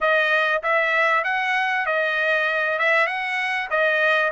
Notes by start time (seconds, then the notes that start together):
0.00 D#5
0.62 E5
1.24 F#5
1.86 D#5
2.78 E5
3.06 F#5
3.70 D#5